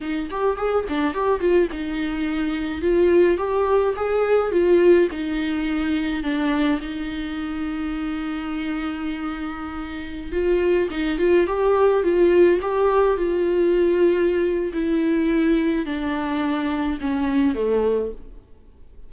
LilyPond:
\new Staff \with { instrumentName = "viola" } { \time 4/4 \tempo 4 = 106 dis'8 g'8 gis'8 d'8 g'8 f'8 dis'4~ | dis'4 f'4 g'4 gis'4 | f'4 dis'2 d'4 | dis'1~ |
dis'2~ dis'16 f'4 dis'8 f'16~ | f'16 g'4 f'4 g'4 f'8.~ | f'2 e'2 | d'2 cis'4 a4 | }